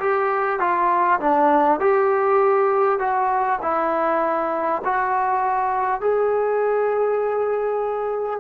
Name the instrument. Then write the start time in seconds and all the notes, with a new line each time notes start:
trombone
0.00 G4
0.60 F4
1.21 D4
1.80 G4
3.00 F#4
3.62 E4
4.85 F#4
6.01 G#4